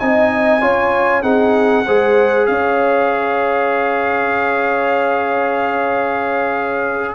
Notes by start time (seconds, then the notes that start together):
0.00 C4 D#4 D#5 G#5
0.61 C#4 F4 C#5
1.23 C4 D#4 G#4 F#5
1.86 G#3 G#4 C5
2.46 C#4 C#5 F5